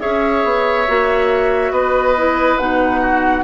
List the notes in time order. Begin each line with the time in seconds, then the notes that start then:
0.00 C#4 G#4 C#5 E5
0.44 B3
0.88 A#3 F#4
1.71 B3 B4 D#5
2.17 E4
2.57 B2 D#4 F#5
3.01 F#4